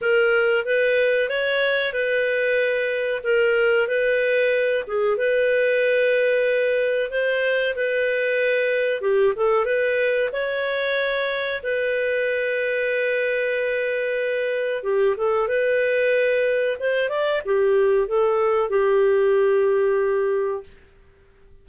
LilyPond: \new Staff \with { instrumentName = "clarinet" } { \time 4/4 \tempo 4 = 93 ais'4 b'4 cis''4 b'4~ | b'4 ais'4 b'4. gis'8 | b'2. c''4 | b'2 g'8 a'8 b'4 |
cis''2 b'2~ | b'2. g'8 a'8 | b'2 c''8 d''8 g'4 | a'4 g'2. | }